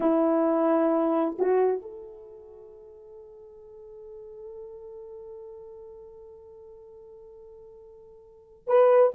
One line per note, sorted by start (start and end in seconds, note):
0.00 1.37 E4
1.38 1.81 F#4
1.81 8.67 A4
8.67 9.13 B4